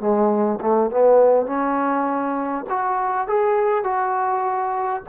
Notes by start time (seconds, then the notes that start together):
0.00 G#3
0.61 A3
0.91 B3
1.46 C#4
2.69 F#4
3.28 G#4
3.84 F#4